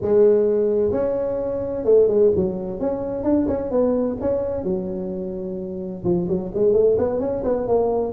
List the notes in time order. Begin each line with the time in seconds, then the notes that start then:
0.01 G#3
0.91 C#4
1.85 A3
2.07 G#3
2.35 F#3
2.79 C#4
3.23 D4
3.47 C#4
3.70 B3
4.20 C#4
4.63 F#3
6.04 F3
6.28 F#3
6.54 G#3
6.73 A3
6.98 B3
7.20 C#4
7.44 B3
7.67 A#3